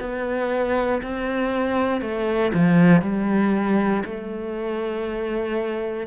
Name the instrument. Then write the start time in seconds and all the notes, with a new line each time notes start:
cello
0.00 B3
1.02 C4
2.01 A3
2.53 F3
3.02 G3
4.05 A3